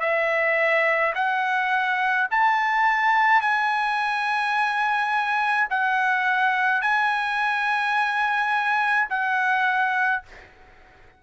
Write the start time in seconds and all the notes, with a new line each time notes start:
0.00 E5
1.15 F#5
2.31 A5
3.42 G#5
5.71 F#5
6.82 G#5
9.10 F#5